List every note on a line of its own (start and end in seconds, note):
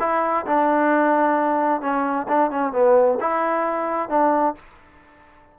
0.00 0.46 E4
0.46 1.81 D4
1.81 2.27 C#4
2.28 2.51 D4
2.51 2.73 C#4
2.73 3.19 B3
3.21 4.10 E4
4.10 4.55 D4